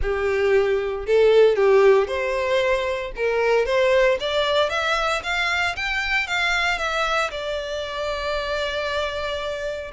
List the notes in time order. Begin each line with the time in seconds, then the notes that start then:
0.01 G4
1.06 A4
1.56 G4
2.07 C5
3.16 A#4
3.65 C5
4.20 D5
4.69 E5
5.23 F5
5.76 G5
6.27 F5
6.78 E5
7.30 D5